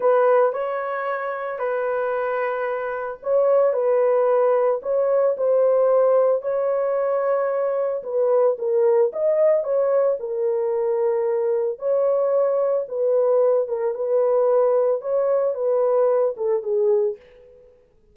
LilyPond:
\new Staff \with { instrumentName = "horn" } { \time 4/4 \tempo 4 = 112 b'4 cis''2 b'4~ | b'2 cis''4 b'4~ | b'4 cis''4 c''2 | cis''2. b'4 |
ais'4 dis''4 cis''4 ais'4~ | ais'2 cis''2 | b'4. ais'8 b'2 | cis''4 b'4. a'8 gis'4 | }